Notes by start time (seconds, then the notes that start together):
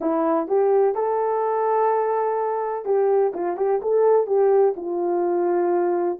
0.00 E4
0.47 G4
0.94 A4
2.85 G4
3.34 F4
3.56 G4
3.82 A4
4.26 G4
4.76 F4